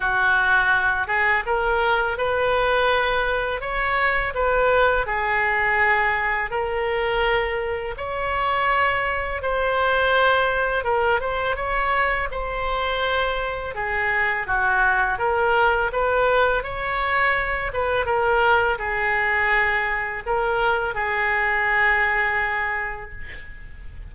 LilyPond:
\new Staff \with { instrumentName = "oboe" } { \time 4/4 \tempo 4 = 83 fis'4. gis'8 ais'4 b'4~ | b'4 cis''4 b'4 gis'4~ | gis'4 ais'2 cis''4~ | cis''4 c''2 ais'8 c''8 |
cis''4 c''2 gis'4 | fis'4 ais'4 b'4 cis''4~ | cis''8 b'8 ais'4 gis'2 | ais'4 gis'2. | }